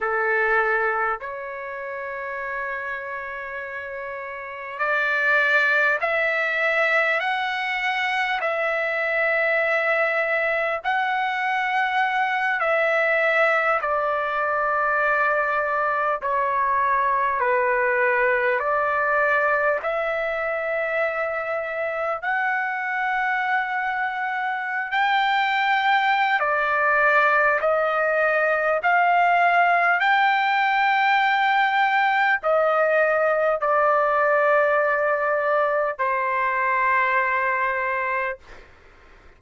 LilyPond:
\new Staff \with { instrumentName = "trumpet" } { \time 4/4 \tempo 4 = 50 a'4 cis''2. | d''4 e''4 fis''4 e''4~ | e''4 fis''4. e''4 d''8~ | d''4. cis''4 b'4 d''8~ |
d''8 e''2 fis''4.~ | fis''8. g''4~ g''16 d''4 dis''4 | f''4 g''2 dis''4 | d''2 c''2 | }